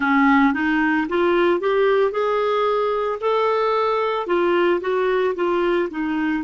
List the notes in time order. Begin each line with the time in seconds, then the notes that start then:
0.00 C#4
0.53 D#4
1.08 F4
1.60 G4
2.11 G#4
3.20 A4
4.26 F4
4.81 F#4
5.35 F4
5.90 D#4